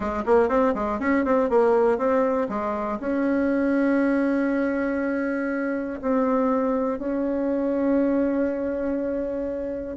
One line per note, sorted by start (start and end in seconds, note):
0.00 0.23 G#3
0.25 0.48 A#3
0.48 0.73 C4
0.74 0.99 G#3
0.99 1.24 C#4
1.24 1.49 C4
1.49 1.98 A#3
1.98 2.48 C4
2.49 2.99 G#3
3.00 6.00 C#4
6.01 6.98 C4
6.98 9.97 C#4